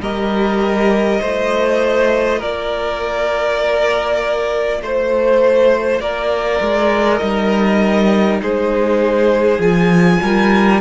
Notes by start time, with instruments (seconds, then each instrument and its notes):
0.00 cello G3, viola G4, violin A#4 D#5
1.21 cello A3, viola F4, violin C5
2.39 cello A#3, violin A#4 D5
4.82 cello A3, violin C5
6.00 cello A#3, violin A#4 D5
6.61 cello G#3
7.19 cello G3, viola D#4, violin D#5
8.42 cello G#3, violin G#4 C5
9.59 cello F3, viola F4, violin G#5
10.22 cello G3, violin A#4